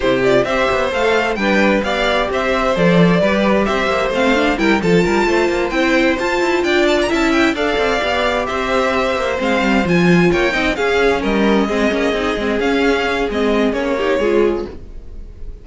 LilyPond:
<<
  \new Staff \with { instrumentName = "violin" } { \time 4/4 \tempo 4 = 131 c''8 d''8 e''4 f''4 g''4 | f''4 e''4 d''2 | e''4 f''4 g''8 a''4.~ | a''8 g''4 a''4 g''8 a''16 ais''16 a''8 |
g''8 f''2 e''4.~ | e''8 f''4 gis''4 g''4 f''8~ | f''8 dis''2. f''8~ | f''4 dis''4 cis''2 | }
  \new Staff \with { instrumentName = "violin" } { \time 4/4 g'4 c''2 b'4 | d''4 c''2 b'4 | c''2 ais'8 a'8 ais'8 c''8~ | c''2~ c''8 d''4 e''8~ |
e''8 d''2 c''4.~ | c''2~ c''8 cis''8 dis''8 gis'8~ | gis'8 ais'4 gis'2~ gis'8~ | gis'2~ gis'8 g'8 gis'4 | }
  \new Staff \with { instrumentName = "viola" } { \time 4/4 e'8 f'8 g'4 a'4 d'4 | g'2 a'4 g'4~ | g'4 c'8 d'8 e'8 f'4.~ | f'8 e'4 f'2 e'8~ |
e'8 a'4 g'2~ g'8~ | g'8 c'4 f'4. dis'8 cis'8~ | cis'4. c'8 cis'8 dis'8 c'8 cis'8~ | cis'4 c'4 cis'8 dis'8 f'4 | }
  \new Staff \with { instrumentName = "cello" } { \time 4/4 c4 c'8 b8 a4 g4 | b4 c'4 f4 g4 | c'8 ais8 a4 g8 f8 g8 a8 | ais8 c'4 f'8 e'8 d'4 cis'8~ |
cis'8 d'8 c'8 b4 c'4. | ais8 gis8 g8 f4 ais8 c'8 cis'8~ | cis'8 g4 gis8 ais8 c'8 gis8 cis'8~ | cis'4 gis4 ais4 gis4 | }
>>